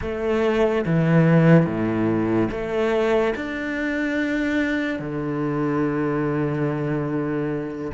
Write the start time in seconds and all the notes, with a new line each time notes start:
0.01 A3
0.85 E3
1.66 A2
2.50 A3
3.35 D4
4.99 D3